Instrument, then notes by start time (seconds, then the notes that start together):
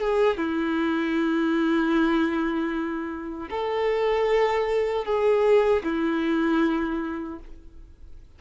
violin
0.00 G#4
0.37 E4
3.50 A4
5.05 G#4
5.83 E4